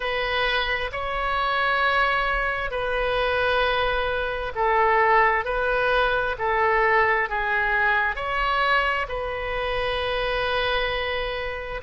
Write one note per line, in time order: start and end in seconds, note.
0.00 0.90 B4
0.92 2.70 C#5
2.70 4.52 B4
4.55 5.45 A4
5.45 6.36 B4
6.38 7.29 A4
7.29 8.15 G#4
8.15 9.06 C#5
9.08 11.81 B4